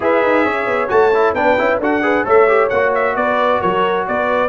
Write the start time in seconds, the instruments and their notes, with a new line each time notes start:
0.00 tuba E4, trombone G#4, horn B4, trumpet E5
0.22 tuba D#4
0.44 tuba C#4, horn C#5
0.66 tuba B3
0.88 tuba A3, trombone F#4, trumpet A5
1.14 trombone E4
1.33 tuba B3, trombone D4, horn B4, trumpet G5
1.58 tuba C#4, trombone E4
1.78 tuba D4, trombone F#4, horn A4, trumpet F#5
2.02 trombone G#4, horn B4
2.24 tuba A3, trombone A4, horn C#5, trumpet E5
2.47 trombone G4
2.69 tuba A#3, trombone F#4, trumpet F#5
2.94 trumpet E5
3.15 tuba B3, horn B4, trumpet D5
3.60 tuba F#3, horn A#4, trumpet C#5
4.07 tuba B3, horn B4, trumpet D5